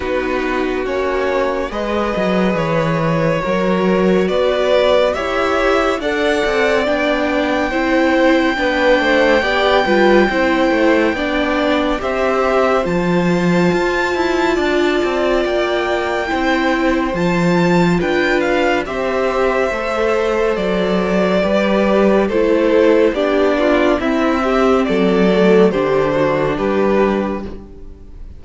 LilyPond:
<<
  \new Staff \with { instrumentName = "violin" } { \time 4/4 \tempo 4 = 70 b'4 cis''4 dis''4 cis''4~ | cis''4 d''4 e''4 fis''4 | g''1~ | g''2 e''4 a''4~ |
a''2 g''2 | a''4 g''8 f''8 e''2 | d''2 c''4 d''4 | e''4 d''4 c''4 b'4 | }
  \new Staff \with { instrumentName = "violin" } { \time 4/4 fis'2 b'2 | ais'4 b'4 cis''4 d''4~ | d''4 c''4 b'8 c''8 d''8 b'8 | c''4 d''4 c''2~ |
c''4 d''2 c''4~ | c''4 b'4 c''2~ | c''4 b'4 a'4 g'8 f'8 | e'8 g'8 a'4 g'8 fis'8 g'4 | }
  \new Staff \with { instrumentName = "viola" } { \time 4/4 dis'4 cis'4 gis'2 | fis'2 g'4 a'4 | d'4 e'4 d'4 g'8 f'8 | e'4 d'4 g'4 f'4~ |
f'2. e'4 | f'2 g'4 a'4~ | a'4 g'4 e'4 d'4 | c'4. a8 d'2 | }
  \new Staff \with { instrumentName = "cello" } { \time 4/4 b4 ais4 gis8 fis8 e4 | fis4 b4 e'4 d'8 c'8 | b4 c'4 b8 a8 b8 g8 | c'8 a8 b4 c'4 f4 |
f'8 e'8 d'8 c'8 ais4 c'4 | f4 d'4 c'4 a4 | fis4 g4 a4 b4 | c'4 fis4 d4 g4 | }
>>